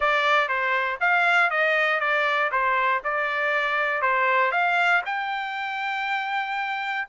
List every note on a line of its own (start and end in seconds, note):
0.00 0.48 D5
0.48 0.98 C5
1.00 1.50 F5
1.50 2.00 D#5
2.00 2.50 D5
2.51 3.02 C5
3.04 4.01 D5
4.01 4.51 C5
4.51 5.01 F5
5.05 7.07 G5